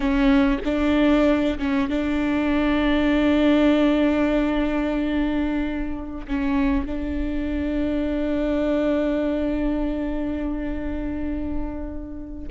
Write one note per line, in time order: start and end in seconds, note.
0.00 0.59 C#4
0.64 1.58 D4
1.58 1.89 C#4
1.89 6.26 D4
6.27 6.85 C#4
6.85 12.48 D4